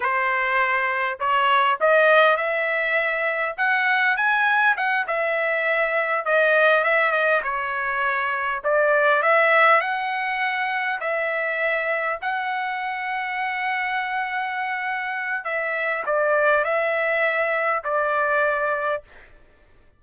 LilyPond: \new Staff \with { instrumentName = "trumpet" } { \time 4/4 \tempo 4 = 101 c''2 cis''4 dis''4 | e''2 fis''4 gis''4 | fis''8 e''2 dis''4 e''8 | dis''8 cis''2 d''4 e''8~ |
e''8 fis''2 e''4.~ | e''8 fis''2.~ fis''8~ | fis''2 e''4 d''4 | e''2 d''2 | }